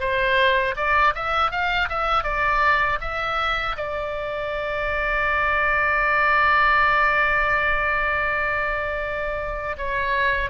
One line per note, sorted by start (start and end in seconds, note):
0.00 0.75 C5
0.77 1.14 D5
1.15 1.52 E5
1.52 1.89 F5
1.90 2.24 E5
2.24 2.99 D5
3.01 3.76 E5
3.77 9.77 D5
9.78 10.50 C#5